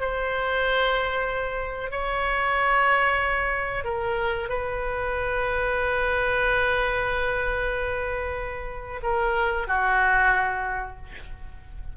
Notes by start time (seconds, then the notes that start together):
0.00 C5
1.91 C#5
3.84 A#4
4.49 B4
9.03 A#4
9.67 F#4